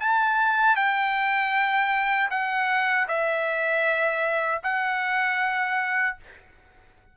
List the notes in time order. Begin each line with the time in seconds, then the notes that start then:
0.00 A5
0.76 G5
2.30 F#5
3.08 E5
4.63 F#5